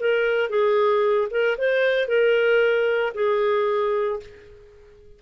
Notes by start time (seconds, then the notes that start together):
0.00 A#4
0.50 G#4
1.31 A#4
1.58 C5
2.08 A#4
3.15 G#4